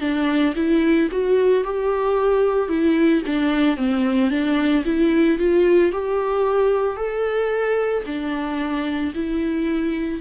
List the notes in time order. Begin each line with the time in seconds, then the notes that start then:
0.00 D4
0.56 E4
1.11 F#4
1.64 G4
2.68 E4
3.26 D4
3.76 C4
4.30 D4
4.85 E4
5.38 F4
5.92 G4
6.96 A4
8.06 D4
9.14 E4